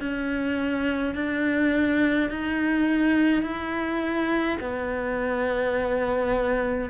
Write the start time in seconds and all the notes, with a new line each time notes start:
0.00 C#4
1.15 D4
2.30 D#4
3.42 E4
4.60 B3